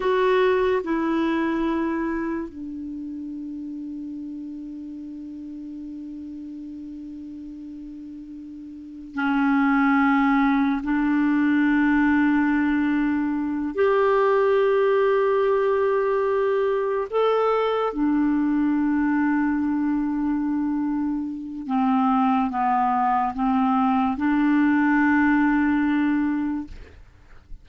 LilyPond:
\new Staff \with { instrumentName = "clarinet" } { \time 4/4 \tempo 4 = 72 fis'4 e'2 d'4~ | d'1~ | d'2. cis'4~ | cis'4 d'2.~ |
d'8 g'2.~ g'8~ | g'8 a'4 d'2~ d'8~ | d'2 c'4 b4 | c'4 d'2. | }